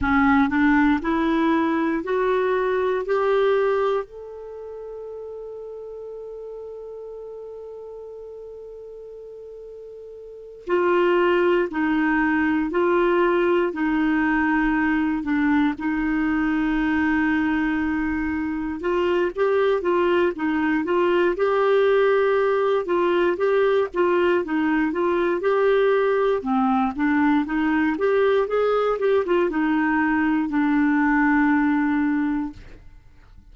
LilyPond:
\new Staff \with { instrumentName = "clarinet" } { \time 4/4 \tempo 4 = 59 cis'8 d'8 e'4 fis'4 g'4 | a'1~ | a'2~ a'8 f'4 dis'8~ | dis'8 f'4 dis'4. d'8 dis'8~ |
dis'2~ dis'8 f'8 g'8 f'8 | dis'8 f'8 g'4. f'8 g'8 f'8 | dis'8 f'8 g'4 c'8 d'8 dis'8 g'8 | gis'8 g'16 f'16 dis'4 d'2 | }